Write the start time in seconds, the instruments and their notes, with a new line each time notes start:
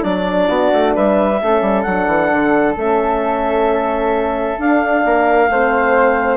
0.00 bassoon F#3, horn D4, flute D4, clarinet D5
0.48 bassoon B3, flute F#4
0.73 bassoon A3
0.95 bassoon G3, flute B4, clarinet E5
1.42 bassoon A3, horn C#4, flute A4
1.62 bassoon G3
1.82 bassoon F#3, horn D4, clarinet F#5
2.07 bassoon E3
2.32 bassoon D3
2.76 bassoon A3, horn C#4, clarinet E5
4.58 horn D4, bassoon D4, clarinet F5
5.05 bassoon A#3, flute A#4
5.49 bassoon A3, horn C4, flute C5